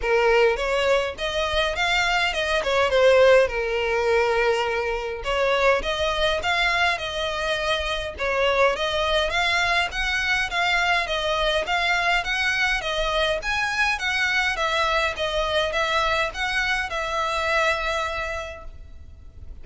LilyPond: \new Staff \with { instrumentName = "violin" } { \time 4/4 \tempo 4 = 103 ais'4 cis''4 dis''4 f''4 | dis''8 cis''8 c''4 ais'2~ | ais'4 cis''4 dis''4 f''4 | dis''2 cis''4 dis''4 |
f''4 fis''4 f''4 dis''4 | f''4 fis''4 dis''4 gis''4 | fis''4 e''4 dis''4 e''4 | fis''4 e''2. | }